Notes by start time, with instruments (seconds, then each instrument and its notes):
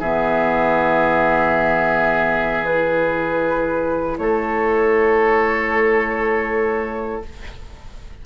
0.00 bassoon E3, clarinet B3, oboe G#4, flute E5
2.65 clarinet E4, flute B4
4.19 bassoon A3, oboe A4, flute C#5